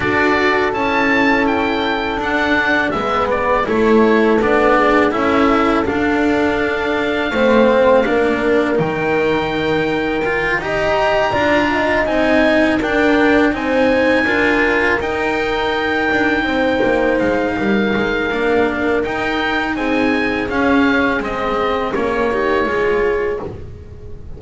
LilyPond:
<<
  \new Staff \with { instrumentName = "oboe" } { \time 4/4 \tempo 4 = 82 d''4 a''4 g''4 fis''4 | e''8 d''8 cis''4 d''4 e''4 | f''1 | g''2~ g''8 ais''4.~ |
ais''8 gis''4 g''4 gis''4.~ | gis''8 g''2. f''8~ | f''2 g''4 gis''4 | f''4 dis''4 cis''2 | }
  \new Staff \with { instrumentName = "horn" } { \time 4/4 a'1 | b'4 a'4. gis'8 a'4~ | a'2 c''4 ais'4~ | ais'2~ ais'8 dis''4 d''8 |
dis''4. ais'4 c''4 ais'8~ | ais'2~ ais'8 c''4. | ais'2. gis'4~ | gis'2~ gis'8 g'8 gis'4 | }
  \new Staff \with { instrumentName = "cello" } { \time 4/4 fis'4 e'2 d'4 | b4 e'4 d'4 e'4 | d'2 c'4 d'4 | dis'2 f'8 g'4 f'8~ |
f'8 dis'4 d'4 dis'4 f'8~ | f'8 dis'2.~ dis'8~ | dis'4 d'4 dis'2 | cis'4 c'4 cis'8 dis'8 f'4 | }
  \new Staff \with { instrumentName = "double bass" } { \time 4/4 d'4 cis'2 d'4 | gis4 a4 b4 cis'4 | d'2 a4 ais4 | dis2~ dis8 dis'4 d'8~ |
d'8 c'4 d'4 c'4 d'8~ | d'8 dis'4. d'8 c'8 ais8 gis8 | g8 gis8 ais4 dis'4 c'4 | cis'4 gis4 ais4 gis4 | }
>>